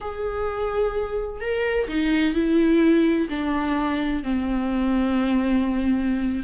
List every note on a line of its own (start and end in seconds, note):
0.01 1.40 G#4
1.40 1.87 A#4
1.88 2.34 D#4
2.34 3.28 E4
3.29 4.23 D4
4.23 6.43 C4